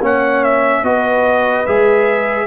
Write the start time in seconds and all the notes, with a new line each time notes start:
0.00 A#3 C#4 C#5 F#5
0.44 E5
0.83 B3 F#4 B4 D#5
1.66 G#3 G#4 E5